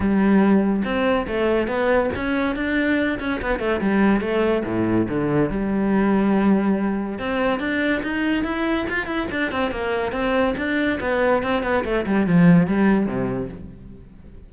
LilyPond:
\new Staff \with { instrumentName = "cello" } { \time 4/4 \tempo 4 = 142 g2 c'4 a4 | b4 cis'4 d'4. cis'8 | b8 a8 g4 a4 a,4 | d4 g2.~ |
g4 c'4 d'4 dis'4 | e'4 f'8 e'8 d'8 c'8 ais4 | c'4 d'4 b4 c'8 b8 | a8 g8 f4 g4 c4 | }